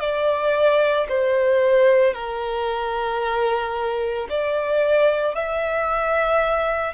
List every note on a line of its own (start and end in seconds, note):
0.00 1.07 D5
1.09 2.14 C5
2.14 4.28 A#4
4.30 5.35 D5
5.35 6.94 E5